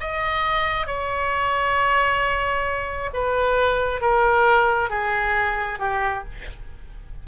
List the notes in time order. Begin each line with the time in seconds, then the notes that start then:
0.00 D#5
0.86 C#5
3.13 B4
4.01 A#4
4.89 G#4
5.79 G4